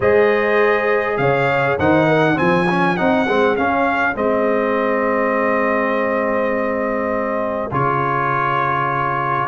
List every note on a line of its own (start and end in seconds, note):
0.00 1.18 G#3
0.00 1.79 G#4
0.00 1.18 C5
0.00 1.17 D#5
1.17 1.77 C#3
1.17 1.79 C#5
1.17 1.76 F5
1.78 2.37 D#3
1.78 2.35 D#4
1.78 2.07 C5
1.78 2.38 F#5
2.07 2.37 A#4
2.35 3.00 F3
2.35 2.65 C4
2.35 9.48 G#4
2.35 2.96 G#5
2.69 2.97 C#4
2.96 3.28 C4
2.96 3.26 D#4
2.96 3.56 F#5
3.28 3.57 G#3
3.28 3.56 C4
3.56 4.14 C#4
3.56 4.15 C#4
3.56 4.15 F5
4.14 7.72 G#3
4.14 7.70 C4
4.14 7.72 D#5
7.71 9.48 C#3
7.71 9.48 F4
7.71 9.48 C#5